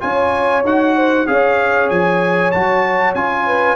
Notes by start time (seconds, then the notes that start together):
0.00 C#4 F4 C#5 G#5
0.64 D#4 F#4 F#5
0.96 C5
1.27 C#4 G#4 C#5 F5
1.90 F3 G#5
2.51 F#3 F#4 A5
3.15 C#4 F4 G#5
3.46 B4